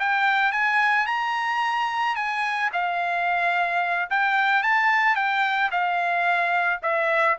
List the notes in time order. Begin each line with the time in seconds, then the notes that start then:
0.00 G5
0.52 G#5
1.07 A#5
2.16 G#5
2.73 F5
4.10 G5
4.63 A5
5.16 G5
5.71 F5
6.83 E5